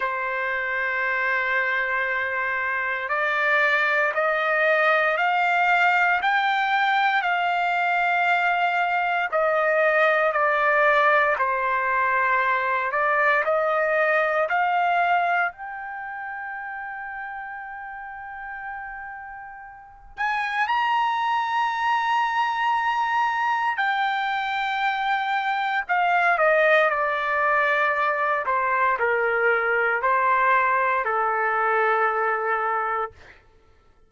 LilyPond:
\new Staff \with { instrumentName = "trumpet" } { \time 4/4 \tempo 4 = 58 c''2. d''4 | dis''4 f''4 g''4 f''4~ | f''4 dis''4 d''4 c''4~ | c''8 d''8 dis''4 f''4 g''4~ |
g''2.~ g''8 gis''8 | ais''2. g''4~ | g''4 f''8 dis''8 d''4. c''8 | ais'4 c''4 a'2 | }